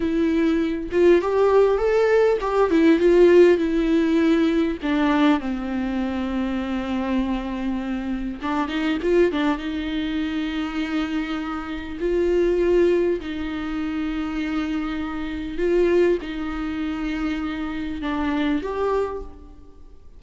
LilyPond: \new Staff \with { instrumentName = "viola" } { \time 4/4 \tempo 4 = 100 e'4. f'8 g'4 a'4 | g'8 e'8 f'4 e'2 | d'4 c'2.~ | c'2 d'8 dis'8 f'8 d'8 |
dis'1 | f'2 dis'2~ | dis'2 f'4 dis'4~ | dis'2 d'4 g'4 | }